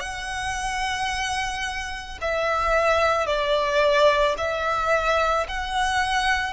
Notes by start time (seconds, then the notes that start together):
0.00 F#5
2.22 E5
3.26 D5
4.38 E5
5.48 F#5